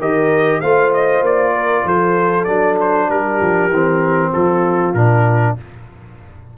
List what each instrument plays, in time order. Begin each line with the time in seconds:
0.00 tuba D#3, trombone G4, horn A#4, trumpet D#5
0.61 tuba A3, trombone F4, horn C5, trumpet F5
0.94 trumpet D#5
1.22 tuba A#3, trumpet D5
1.55 horn A#4
1.85 tuba F3, horn A4, trumpet C5
2.44 tuba F#3, trombone D4, trumpet D5
2.80 trumpet C5
3.10 tuba G3, horn G4, trumpet A#4
3.41 tuba F3
3.70 tuba E3, trombone C4
4.31 tuba F3, horn F4, trumpet A4
4.94 tuba A#2, trombone D4, trumpet A#4